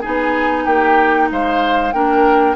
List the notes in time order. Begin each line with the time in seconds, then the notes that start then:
0.00 D#4 G#4 G#5
0.06 B3
0.65 A#3 G4 G5
1.31 G#3 C5 F5
1.92 A#3 D4 A#4 G5